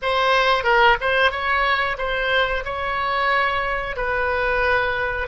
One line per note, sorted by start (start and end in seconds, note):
0.01 0.63 C5
0.63 0.96 A#4
1.00 1.31 C5
1.31 1.97 C#5
1.98 2.63 C5
2.64 3.96 C#5
3.96 5.27 B4